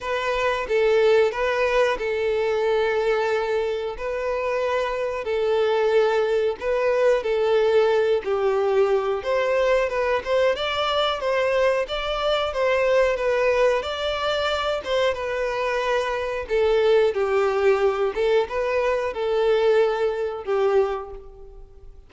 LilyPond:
\new Staff \with { instrumentName = "violin" } { \time 4/4 \tempo 4 = 91 b'4 a'4 b'4 a'4~ | a'2 b'2 | a'2 b'4 a'4~ | a'8 g'4. c''4 b'8 c''8 |
d''4 c''4 d''4 c''4 | b'4 d''4. c''8 b'4~ | b'4 a'4 g'4. a'8 | b'4 a'2 g'4 | }